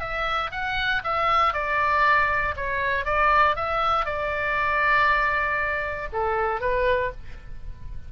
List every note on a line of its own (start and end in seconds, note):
0.00 0.51 E5
0.52 1.02 F#5
1.04 1.53 E5
1.53 2.55 D5
2.57 3.05 C#5
3.05 3.56 D5
3.56 4.05 E5
4.05 6.09 D5
6.13 6.61 A4
6.61 7.12 B4